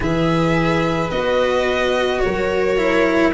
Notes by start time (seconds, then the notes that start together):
0.00 E3 G#4 B4 E5
1.10 B3 F#4 D#5
2.20 F#3 A#4 C#5
2.77 E4